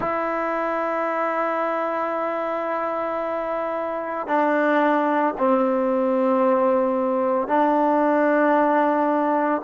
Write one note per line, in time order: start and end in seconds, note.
0.00 4.27 E4
4.27 5.34 D4
5.38 7.47 C4
7.47 9.61 D4